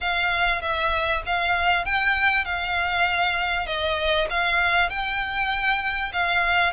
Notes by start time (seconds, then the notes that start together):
0.00 F5
0.61 E5
1.26 F5
1.85 G5
2.44 F5
3.66 D#5
4.30 F5
4.89 G5
6.12 F5